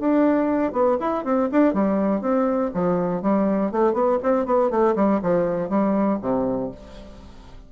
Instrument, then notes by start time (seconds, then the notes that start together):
bassoon
0.00 D4
0.73 B3
1.01 E4
1.25 C4
1.52 D4
1.74 G3
2.22 C4
2.74 F3
3.23 G3
3.72 A3
3.94 B3
4.23 C4
4.46 B3
4.71 A3
4.96 G3
5.23 F3
5.70 G3
6.22 C3